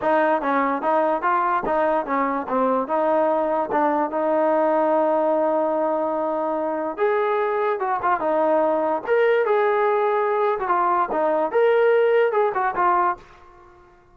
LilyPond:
\new Staff \with { instrumentName = "trombone" } { \time 4/4 \tempo 4 = 146 dis'4 cis'4 dis'4 f'4 | dis'4 cis'4 c'4 dis'4~ | dis'4 d'4 dis'2~ | dis'1~ |
dis'4 gis'2 fis'8 f'8 | dis'2 ais'4 gis'4~ | gis'4.~ gis'16 fis'16 f'4 dis'4 | ais'2 gis'8 fis'8 f'4 | }